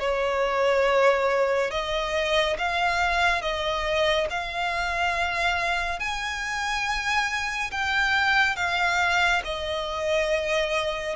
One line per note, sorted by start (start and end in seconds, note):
0.00 1.71 C#5
1.71 2.57 D#5
2.58 3.42 F5
3.42 4.27 D#5
4.30 6.00 F5
6.00 7.71 G#5
7.71 8.56 G5
8.56 9.42 F5
9.45 11.16 D#5